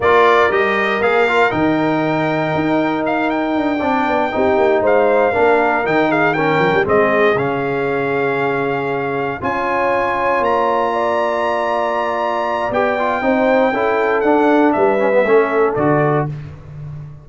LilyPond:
<<
  \new Staff \with { instrumentName = "trumpet" } { \time 4/4 \tempo 4 = 118 d''4 dis''4 f''4 g''4~ | g''2 f''8 g''4.~ | g''4. f''2 g''8 | f''8 g''4 dis''4 f''4.~ |
f''2~ f''8 gis''4.~ | gis''8 ais''2.~ ais''8~ | ais''4 g''2. | fis''4 e''2 d''4 | }
  \new Staff \with { instrumentName = "horn" } { \time 4/4 ais'1~ | ais'2.~ ais'8 d''8~ | d''8 g'4 c''4 ais'4. | gis'8 ais'4 gis'2~ gis'8~ |
gis'2~ gis'8 cis''4.~ | cis''4. d''2~ d''8~ | d''2 c''4 a'4~ | a'4 b'4 a'2 | }
  \new Staff \with { instrumentName = "trombone" } { \time 4/4 f'4 g'4 gis'8 f'8 dis'4~ | dis'2.~ dis'8 d'8~ | d'8 dis'2 d'4 dis'8~ | dis'8 cis'4 c'4 cis'4.~ |
cis'2~ cis'8 f'4.~ | f'1~ | f'4 g'8 f'8 dis'4 e'4 | d'4. cis'16 b16 cis'4 fis'4 | }
  \new Staff \with { instrumentName = "tuba" } { \time 4/4 ais4 g4 ais4 dis4~ | dis4 dis'2 d'8 c'8 | b8 c'8 ais8 gis4 ais4 dis8~ | dis4 f16 g16 gis4 cis4.~ |
cis2~ cis8 cis'4.~ | cis'8 ais2.~ ais8~ | ais4 b4 c'4 cis'4 | d'4 g4 a4 d4 | }
>>